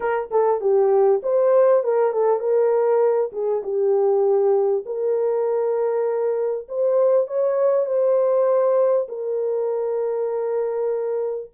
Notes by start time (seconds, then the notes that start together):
0.00 A#4
0.30 A4
0.60 G4
1.23 C5
1.83 A#4
2.12 A4
2.39 A#4
3.32 G#4
3.63 G4
4.85 A#4
6.68 C5
7.27 C#5
7.86 C5
9.08 A#4